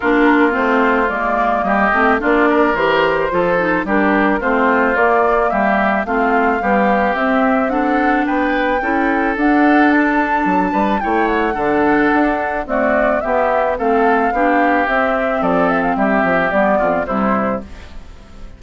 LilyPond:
<<
  \new Staff \with { instrumentName = "flute" } { \time 4/4 \tempo 4 = 109 ais'4 c''4 d''4 dis''4 | d''4 c''2 ais'4 | c''4 d''4 e''4 f''4~ | f''4 e''4 fis''4 g''4~ |
g''4 fis''4 a''2 | g''8 fis''2~ fis''8 d''4 | e''4 f''2 e''4 | d''8 e''16 f''16 e''4 d''4 c''4 | }
  \new Staff \with { instrumentName = "oboe" } { \time 4/4 f'2. g'4 | f'8 ais'4. a'4 g'4 | f'2 g'4 f'4 | g'2 a'4 b'4 |
a'2.~ a'8 b'8 | cis''4 a'2 fis'4 | g'4 a'4 g'2 | a'4 g'4. f'8 e'4 | }
  \new Staff \with { instrumentName = "clarinet" } { \time 4/4 d'4 c'4 ais4. c'8 | d'4 g'4 f'8 dis'8 d'4 | c'4 ais2 c'4 | g4 c'4 d'2 |
e'4 d'2. | e'4 d'2 a4 | b4 c'4 d'4 c'4~ | c'2 b4 g4 | }
  \new Staff \with { instrumentName = "bassoon" } { \time 4/4 ais4 a4 gis4 g8 a8 | ais4 e4 f4 g4 | a4 ais4 g4 a4 | b4 c'2 b4 |
cis'4 d'2 fis8 g8 | a4 d4 d'4 c'4 | b4 a4 b4 c'4 | f4 g8 f8 g8 f,8 c4 | }
>>